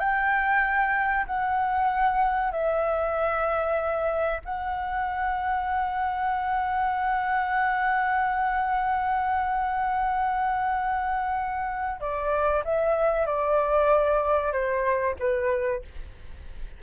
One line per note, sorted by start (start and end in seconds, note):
0.00 1.26 G5
1.27 2.52 F#5
2.52 4.41 E5
4.45 12.01 F#5
12.01 12.64 D5
12.65 13.27 E5
13.27 14.53 D5
14.53 15.16 C5
15.20 15.83 B4